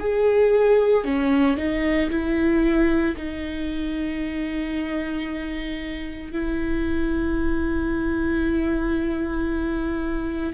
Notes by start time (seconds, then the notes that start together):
0.00 G#4
1.04 C#4
1.57 D#4
2.11 E4
3.17 D#4
6.33 E4